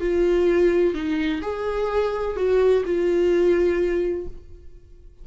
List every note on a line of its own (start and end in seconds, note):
0.00 0.94 F4
0.94 1.41 D#4
1.42 2.36 G#4
2.36 2.83 F#4
2.85 4.27 F4